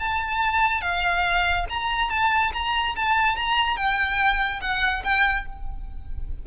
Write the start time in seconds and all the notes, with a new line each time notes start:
0.00 A5
0.82 F5
1.70 A#5
2.11 A5
2.54 A#5
2.97 A5
3.37 A#5
3.77 G5
4.62 F#5
5.04 G5